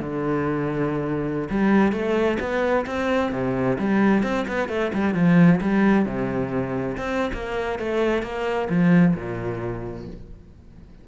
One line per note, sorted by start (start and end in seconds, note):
0.00 1.49 D3
1.50 1.92 G3
1.92 2.38 A3
2.40 2.86 B3
2.87 3.32 C4
3.32 3.78 C3
3.79 4.23 G3
4.23 4.46 C4
4.48 4.69 B3
4.69 4.92 A3
4.94 5.15 G3
5.15 5.61 F3
5.61 6.06 G3
6.06 6.97 C3
6.98 7.32 C4
7.34 7.79 A#3
7.79 8.23 A3
8.23 8.69 A#3
8.70 9.15 F3
9.16 10.07 A#2